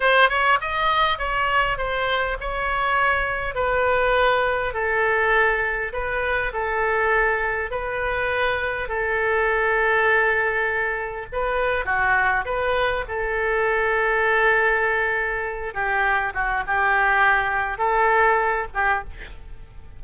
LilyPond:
\new Staff \with { instrumentName = "oboe" } { \time 4/4 \tempo 4 = 101 c''8 cis''8 dis''4 cis''4 c''4 | cis''2 b'2 | a'2 b'4 a'4~ | a'4 b'2 a'4~ |
a'2. b'4 | fis'4 b'4 a'2~ | a'2~ a'8 g'4 fis'8 | g'2 a'4. g'8 | }